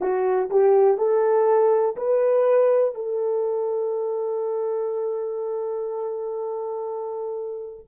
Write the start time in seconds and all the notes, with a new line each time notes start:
0.00 F#4
0.50 G4
0.97 A4
1.96 B4
2.94 A4